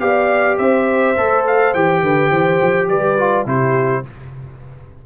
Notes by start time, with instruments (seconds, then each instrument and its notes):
0.00 tuba B3, trombone G4, horn D5, trumpet F5
0.58 tuba C4, horn C5, trumpet E5
1.17 tuba A3, trombone A4
1.47 trumpet F5
1.74 tuba E3, trombone G4, trumpet G5
2.03 tuba D3, horn B4
2.30 tuba E3, horn C5
2.62 tuba F3
2.88 tuba G3, horn B4, trumpet D5
3.18 trombone F4
3.46 tuba C3, trombone E4, horn G4, trumpet C5